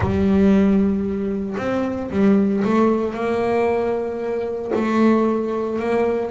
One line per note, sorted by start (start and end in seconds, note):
0.00 1.55 G3
1.57 2.10 C4
2.10 2.63 G3
2.64 3.13 A3
3.13 4.71 A#3
4.75 5.79 A3
5.79 6.31 A#3